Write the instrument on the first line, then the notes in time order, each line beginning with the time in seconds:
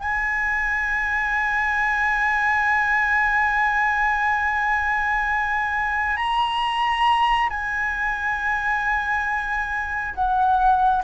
flute
0.00 G#5
6.17 A#5
7.50 G#5
10.15 F#5